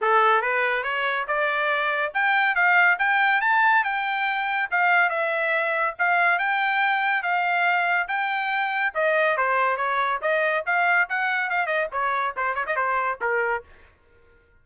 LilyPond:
\new Staff \with { instrumentName = "trumpet" } { \time 4/4 \tempo 4 = 141 a'4 b'4 cis''4 d''4~ | d''4 g''4 f''4 g''4 | a''4 g''2 f''4 | e''2 f''4 g''4~ |
g''4 f''2 g''4~ | g''4 dis''4 c''4 cis''4 | dis''4 f''4 fis''4 f''8 dis''8 | cis''4 c''8 cis''16 dis''16 c''4 ais'4 | }